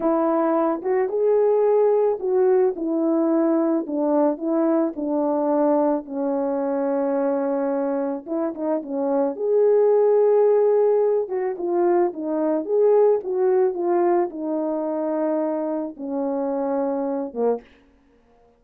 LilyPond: \new Staff \with { instrumentName = "horn" } { \time 4/4 \tempo 4 = 109 e'4. fis'8 gis'2 | fis'4 e'2 d'4 | e'4 d'2 cis'4~ | cis'2. e'8 dis'8 |
cis'4 gis'2.~ | gis'8 fis'8 f'4 dis'4 gis'4 | fis'4 f'4 dis'2~ | dis'4 cis'2~ cis'8 ais8 | }